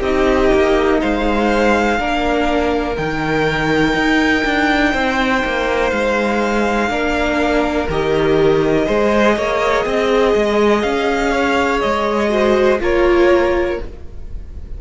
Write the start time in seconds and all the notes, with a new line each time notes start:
0.00 C4 D#4 G4 D#5
0.53 A#3
1.00 G#3 C5 F5
1.98 A#3 D4 A#4
2.96 D#3 D#4 G5
3.94 D#4
4.44 D4
4.92 C4 C5
5.44 A#3
5.90 G#3 F5
6.89 A#3 D4 A#4
7.89 D#3 G4 D#5
8.85 G#3 G#4 C5
9.36 A#3 C#5
9.85 C4 D#5
10.35 G#3
10.82 C#4 F5
11.31 C#5
11.81 G#3 D#5
12.29 F#4 C5
12.79 A#3 F4 A#4 C#5